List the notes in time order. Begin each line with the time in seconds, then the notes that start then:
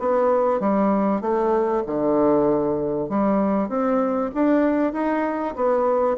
0.00 B3
0.60 G3
1.21 A3
1.87 D3
3.09 G3
3.69 C4
4.35 D4
4.93 D#4
5.56 B3